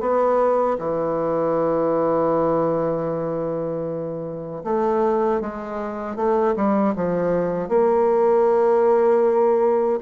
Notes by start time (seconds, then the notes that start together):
0.00 B3
0.78 E3
4.64 A3
5.40 G#3
6.15 A3
6.56 G3
6.95 F3
7.68 A#3